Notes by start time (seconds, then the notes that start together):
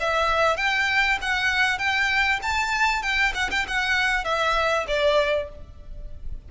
0.00 E5
0.57 G5
1.22 F#5
1.79 G5
2.43 A5
3.02 G5
3.35 F#5
3.51 G5
3.68 F#5
4.25 E5
4.88 D5